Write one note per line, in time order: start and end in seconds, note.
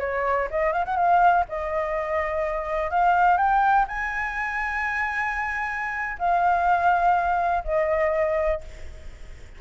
0.00 0.48 C#5
0.51 0.73 D#5
0.73 0.85 F5
0.85 0.96 F#5
0.96 1.45 F5
1.49 2.91 D#5
2.91 3.38 F5
3.38 3.86 G5
3.88 6.18 G#5
6.19 7.64 F5
7.65 8.61 D#5